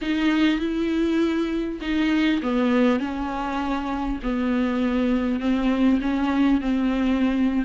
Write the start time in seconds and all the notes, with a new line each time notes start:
0.01 D#4
0.59 E4
1.81 D#4
2.42 B3
2.99 C#4
4.22 B3
5.40 C4
6.01 C#4
6.60 C4